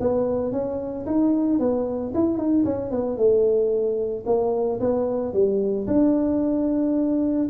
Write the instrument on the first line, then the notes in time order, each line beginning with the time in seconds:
tuba
0.00 B3
0.52 C#4
1.06 D#4
1.59 B3
2.15 E4
2.38 D#4
2.65 C#4
2.91 B3
3.17 A3
4.26 A#3
4.80 B3
5.33 G3
5.87 D4